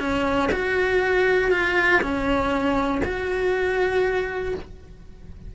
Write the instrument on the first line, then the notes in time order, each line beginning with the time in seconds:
cello
0.00 C#4
0.53 F#4
1.51 F4
2.02 C#4
3.05 F#4